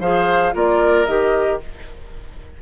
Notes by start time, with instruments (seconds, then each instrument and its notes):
0.00 bassoon F3, clarinet G#4, oboe C5, flute F5
0.53 bassoon A#3, clarinet F4, oboe A#4, flute D5
1.06 bassoon D#3, clarinet G4, flute D#5